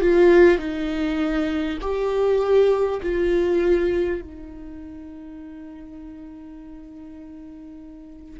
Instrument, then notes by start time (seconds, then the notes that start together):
viola
0.00 F4
0.58 D#4
1.81 G4
3.02 F4
4.21 D#4